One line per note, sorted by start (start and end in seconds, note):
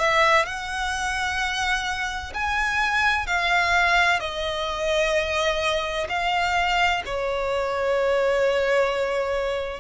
0.00 0.46 E5
0.46 2.33 F#5
2.34 3.27 G#5
3.27 4.20 F5
4.20 6.08 D#5
6.09 7.03 F5
7.06 9.81 C#5